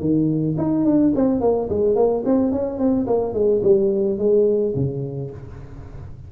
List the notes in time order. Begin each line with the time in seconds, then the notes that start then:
0.00 D#3
0.58 D#4
0.85 D4
1.15 C4
1.41 A#3
1.69 G#3
1.96 A#3
2.26 C4
2.52 C#4
2.79 C4
3.07 A#3
3.34 G#3
3.63 G3
4.18 G#3
4.75 C#3